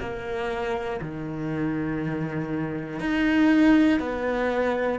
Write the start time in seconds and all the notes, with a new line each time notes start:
0.00 A#3
1.01 D#3
3.00 D#4
4.00 B3